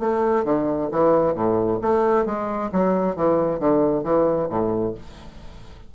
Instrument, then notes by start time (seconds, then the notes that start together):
bassoon
0.00 A3
0.45 D3
0.92 E3
1.35 A2
1.82 A3
2.26 G#3
2.72 F#3
3.16 E3
3.60 D3
4.04 E3
4.50 A2